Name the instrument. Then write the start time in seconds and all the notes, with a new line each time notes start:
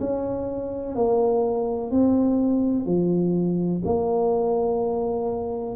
tuba
0.00 C#4
0.95 A#3
1.91 C4
2.85 F3
3.85 A#3